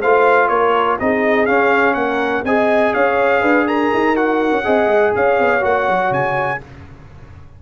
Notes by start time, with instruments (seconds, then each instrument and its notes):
0.00 tuba A3, trombone F4, horn C5, trumpet F5
0.48 tuba A#3, horn A#4, trumpet C#5
0.99 tuba C4, trombone D#4, horn G#4, trumpet D#5
1.46 trombone C#4, tuba C#4, trumpet F5
1.94 tuba A#3, horn A#4, trumpet F#5
2.44 tuba C4, trombone G#4, horn D#5, trumpet G#5
2.94 tuba C#4, horn C#5, trumpet F5
3.41 tuba D4, horn B4
3.67 horn A#4, trumpet A#5
3.93 tuba D#4
4.16 trombone F#4, trumpet F#5
4.51 tuba C#4
4.64 tuba C4, trombone G#4, horn D#5
4.86 tuba G#3
5.15 tuba C#4, horn C#5, trumpet F5
5.39 tuba B3
5.61 tuba A#3, trombone F#4, trumpet F#5
5.88 tuba F#3
6.10 tuba C#3, trumpet G#5